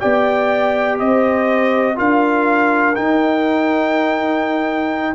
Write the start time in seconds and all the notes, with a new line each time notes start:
0.00 B3 G4 D5 G5
0.99 C4 C5 D#5
1.95 D4 F4 A#4 F5
2.95 D#4 G5